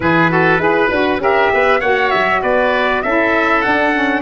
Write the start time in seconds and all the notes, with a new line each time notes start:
0.00 E3 E4 G#4 B4
0.29 F#4 A4
0.58 E4 G#4 B4
0.91 D4 F#4
1.18 C#4 G4 A#4 E5
1.53 B3 B4
1.80 A#3 F#4 C#5 F#5
2.10 F#3 E5
2.42 B3 B4 D5
3.02 C#4 E4 A4 E5
3.61 D4 F#5
3.93 C#4